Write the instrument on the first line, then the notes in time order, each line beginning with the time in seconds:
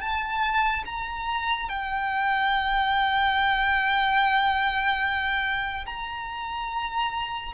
violin
0.00 A5
0.85 A#5
1.69 G5
5.86 A#5